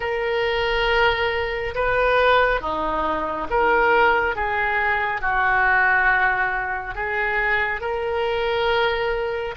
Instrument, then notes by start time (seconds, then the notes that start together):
oboe
0.00 A#4
1.74 B4
2.60 D#4
3.49 A#4
4.35 G#4
5.21 F#4
6.94 G#4
7.81 A#4